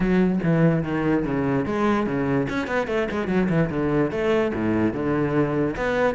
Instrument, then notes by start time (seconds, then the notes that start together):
cello
0.00 F#3
0.43 E3
0.83 D#3
1.24 C#3
1.65 G#3
2.06 C#3
2.49 C#4
2.67 B3
2.87 A3
3.10 G#3
3.27 F#3
3.49 E3
3.70 D3
4.11 A3
4.54 A2
4.93 D3
5.76 B3